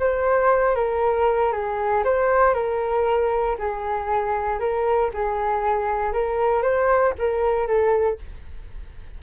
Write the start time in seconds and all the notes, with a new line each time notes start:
0.00 C5
0.76 A#4
1.53 G#4
2.05 C5
2.55 A#4
3.59 G#4
4.60 A#4
5.14 G#4
6.13 A#4
6.63 C5
7.19 A#4
7.68 A4